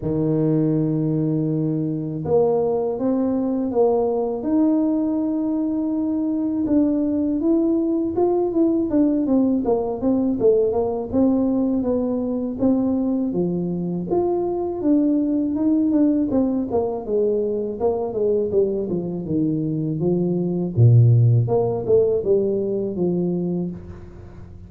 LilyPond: \new Staff \with { instrumentName = "tuba" } { \time 4/4 \tempo 4 = 81 dis2. ais4 | c'4 ais4 dis'2~ | dis'4 d'4 e'4 f'8 e'8 | d'8 c'8 ais8 c'8 a8 ais8 c'4 |
b4 c'4 f4 f'4 | d'4 dis'8 d'8 c'8 ais8 gis4 | ais8 gis8 g8 f8 dis4 f4 | ais,4 ais8 a8 g4 f4 | }